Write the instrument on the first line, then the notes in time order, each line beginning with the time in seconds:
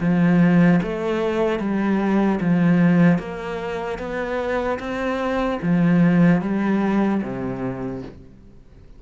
cello
0.00 F3
0.83 A3
1.60 G3
2.40 F3
3.19 A#3
3.99 B3
4.80 C4
5.63 F3
6.41 G3
7.22 C3